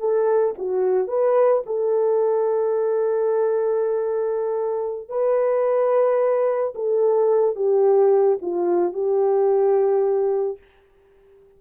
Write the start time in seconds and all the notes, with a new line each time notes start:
0.00 A4
0.58 F#4
1.08 B4
1.66 A4
5.09 B4
6.75 A4
7.56 G4
8.42 F4
8.93 G4